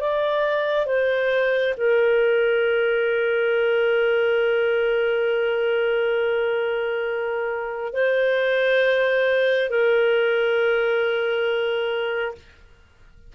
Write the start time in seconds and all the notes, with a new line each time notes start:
0.00 D5
0.86 C5
1.77 A#4
7.93 C5
9.70 A#4